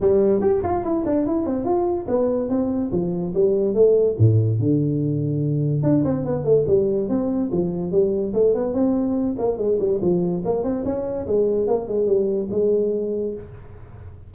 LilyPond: \new Staff \with { instrumentName = "tuba" } { \time 4/4 \tempo 4 = 144 g4 g'8 f'8 e'8 d'8 e'8 c'8 | f'4 b4 c'4 f4 | g4 a4 a,4 d4~ | d2 d'8 c'8 b8 a8 |
g4 c'4 f4 g4 | a8 b8 c'4. ais8 gis8 g8 | f4 ais8 c'8 cis'4 gis4 | ais8 gis8 g4 gis2 | }